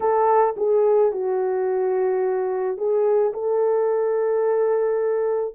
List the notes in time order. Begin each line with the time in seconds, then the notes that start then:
0.00 A4
0.57 G#4
1.12 F#4
2.77 G#4
3.33 A4